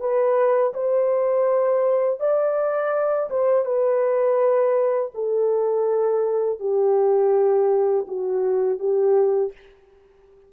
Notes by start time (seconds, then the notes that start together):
0.00 B4
0.74 C5
2.20 D5
3.30 C5
3.65 B4
5.14 A4
6.60 G4
8.08 F#4
8.79 G4